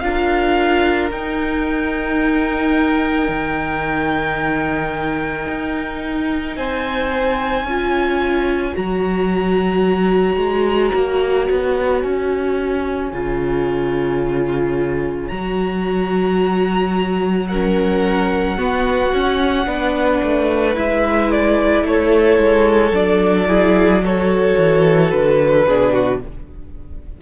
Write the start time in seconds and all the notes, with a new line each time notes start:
0.00 D4 F4 A#4 F5
1.12 D#4 G5
3.29 D#3
5.48 D#4
6.57 C4 C5 G#5
7.64 C#4 F4 C#5
8.75 F#3 F#4 A#5
10.37 G#3
10.95 A#3
11.50 B3
12.02 C#4 G#5
13.13 C#3 F4
15.29 F#3 F#4 A#5
17.49 C#4 A#4 F#5
18.58 B3 F#4
19.14 C#4
19.66 B3 D4 B4
20.23 A3
20.75 G#3 E4 E5
21.32 D5
21.84 A3 A4 C#5
22.38 G#3
22.92 F#3 D4 D5
23.48 E4 G#4
24.03 F#4 A4 C#5
24.58 E3
25.11 D3 B4
25.67 B2 D4 G#4
25.94 F#4